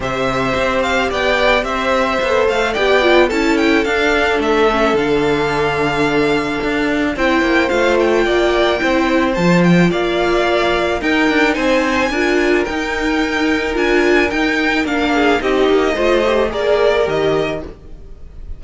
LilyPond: <<
  \new Staff \with { instrumentName = "violin" } { \time 4/4 \tempo 4 = 109 e''4. f''8 g''4 e''4~ | e''8 f''8 g''4 a''8 g''8 f''4 | e''4 f''2.~ | f''4 g''4 f''8 g''4.~ |
g''4 a''8 g''8 f''2 | g''4 gis''2 g''4~ | g''4 gis''4 g''4 f''4 | dis''2 d''4 dis''4 | }
  \new Staff \with { instrumentName = "violin" } { \time 4/4 c''2 d''4 c''4~ | c''4 d''4 a'2~ | a'1~ | a'4 c''2 d''4 |
c''2 d''2 | ais'4 c''4 ais'2~ | ais'2.~ ais'8 gis'8 | g'4 c''4 ais'2 | }
  \new Staff \with { instrumentName = "viola" } { \time 4/4 g'1 | a'4 g'8 f'8 e'4 d'4~ | d'8 cis'8 d'2.~ | d'4 e'4 f'2 |
e'4 f'2. | dis'2 f'4 dis'4~ | dis'4 f'4 dis'4 d'4 | dis'4 f'8 g'8 gis'4 g'4 | }
  \new Staff \with { instrumentName = "cello" } { \time 4/4 c4 c'4 b4 c'4 | b8 a8 b4 cis'4 d'4 | a4 d2. | d'4 c'8 ais8 a4 ais4 |
c'4 f4 ais2 | dis'8 d'8 c'4 d'4 dis'4~ | dis'4 d'4 dis'4 ais4 | c'8 ais8 a4 ais4 dis4 | }
>>